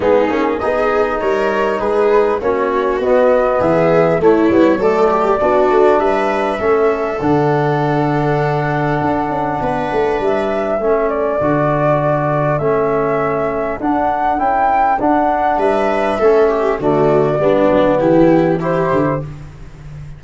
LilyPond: <<
  \new Staff \with { instrumentName = "flute" } { \time 4/4 \tempo 4 = 100 gis'4 dis''4 cis''4 b'4 | cis''4 dis''4 e''4 cis''4 | d''2 e''2 | fis''1~ |
fis''4 e''4. d''4.~ | d''4 e''2 fis''4 | g''4 fis''4 e''2 | d''2 g'4 c''4 | }
  \new Staff \with { instrumentName = "viola" } { \time 4/4 dis'4 gis'4 ais'4 gis'4 | fis'2 gis'4 e'4 | a'8 g'8 fis'4 b'4 a'4~ | a'1 |
b'2 a'2~ | a'1~ | a'2 b'4 a'8 g'8 | fis'4 d'4 e'4 g'4 | }
  \new Staff \with { instrumentName = "trombone" } { \time 4/4 b8 cis'8 dis'2. | cis'4 b2 a8 b8 | a4 d'2 cis'4 | d'1~ |
d'2 cis'4 fis'4~ | fis'4 cis'2 d'4 | e'4 d'2 cis'4 | a4 b2 e'4 | }
  \new Staff \with { instrumentName = "tuba" } { \time 4/4 gis8 ais8 b4 g4 gis4 | ais4 b4 e4 a8 g8 | fis4 b8 a8 g4 a4 | d2. d'8 cis'8 |
b8 a8 g4 a4 d4~ | d4 a2 d'4 | cis'4 d'4 g4 a4 | d4 g8 fis8 e4. d8 | }
>>